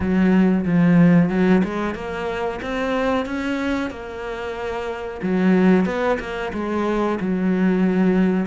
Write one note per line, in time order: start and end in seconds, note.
0.00 0.65 F#3
0.65 1.29 F3
1.29 1.62 F#3
1.63 1.94 G#3
1.94 2.60 A#3
2.61 3.25 C4
3.25 3.90 C#4
3.90 5.20 A#3
5.22 5.85 F#3
5.85 6.18 B3
6.19 6.52 A#3
6.53 7.18 G#3
7.20 8.46 F#3